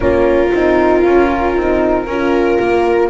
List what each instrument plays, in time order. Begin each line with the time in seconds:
0.00 double bass A#3, horn C#4, viola F4, flute A#4
0.53 double bass C4, horn D#4
1.01 double bass C#4, horn F4
1.54 double bass C4, horn D#4
2.06 double bass C#4, horn F4, viola A#4
2.59 double bass A#3